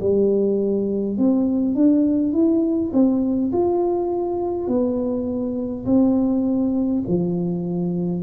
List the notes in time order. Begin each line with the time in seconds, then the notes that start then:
0.00 G3
1.18 C4
1.75 D4
2.33 E4
2.93 C4
3.52 F4
4.68 B3
5.86 C4
7.07 F3